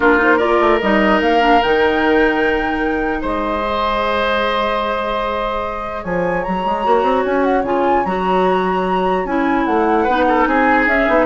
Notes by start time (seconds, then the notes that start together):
0.00 A#3 D4 F4 A#4
0.18 D#4 C5
0.37 F4 A#4 D5
0.60 A3
0.81 G3 D#4 D#5
1.21 A#3 F5
1.39 D4
1.62 D#3 D#4 G5
3.21 G#3 C5 D#5
3.62 G#4
6.03 F3 C#5 G#5
6.43 F#3 A#5
6.65 G#3
6.83 A#3 F#4
7.03 C4
7.25 C#4 G#5
7.43 F#5
7.63 C#3 F4 G#5
8.05 F#3 F#4 A#5
9.24 C#4 E4 G#5
9.65 A3 F#5
10.03 B3 D#4 B4
10.28 A4
10.46 C4 G#4 G#5
10.87 C#4 E5
11.08 B3 D#4